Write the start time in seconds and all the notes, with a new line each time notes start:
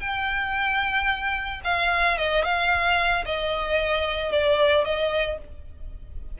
0.00 G5
1.64 F5
2.17 D#5
2.44 F5
3.25 D#5
4.31 D5
4.84 D#5